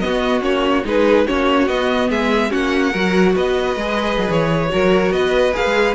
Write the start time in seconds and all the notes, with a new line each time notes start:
0.00 B3 F#4 D#5
0.41 A#3 C#4 C#5
0.85 G#3 D#4 G#4 B4
1.27 A#3 C#4 F#4 C#5
1.68 B3 D#5
2.10 G#3 G#4 E5
2.50 A#3 C#4 F#4 F#5
2.92 F#3 F#4 A#4
3.35 B3 B4 D#5
3.76 G#3 G#4
4.18 F#3
4.31 E3 C#5
4.69 F#3 F#4 A#4
5.11 B3 B4 D#5
5.54 A#3 G#4 F5
5.66 G#3